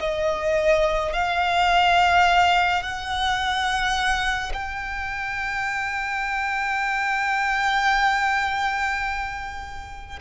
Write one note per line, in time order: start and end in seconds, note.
0.00 1.13 D#5
1.13 2.83 F5
2.83 4.52 F#5
4.53 10.19 G5